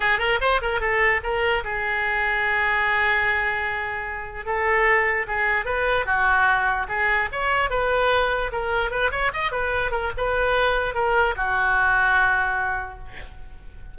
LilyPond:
\new Staff \with { instrumentName = "oboe" } { \time 4/4 \tempo 4 = 148 gis'8 ais'8 c''8 ais'8 a'4 ais'4 | gis'1~ | gis'2. a'4~ | a'4 gis'4 b'4 fis'4~ |
fis'4 gis'4 cis''4 b'4~ | b'4 ais'4 b'8 cis''8 dis''8 b'8~ | b'8 ais'8 b'2 ais'4 | fis'1 | }